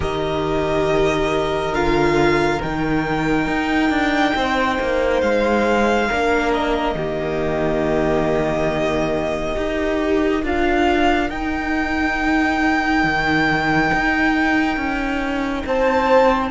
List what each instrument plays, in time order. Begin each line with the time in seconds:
0.00 cello D#3, viola G4, violin A#4 D#5
1.72 cello D3, viola F4, violin F5
2.62 cello D#3, viola D#4, violin G5
3.47 cello D#4
3.89 cello D4
4.35 cello C4, violin C5
4.80 cello A#3
5.21 cello G#3, violin F5
6.07 cello A#3, viola D4, violin A#4
6.53 violin D#5
6.95 cello D#3, viola A#3, violin G4
9.55 cello D#4, viola G4, violin A#4
10.43 cello D4, viola F4, violin F5
11.29 cello D#4, viola D#4, violin G5
13.03 cello D#3
13.93 cello D#4
14.76 cello C#4
15.66 cello C4, violin C5 A5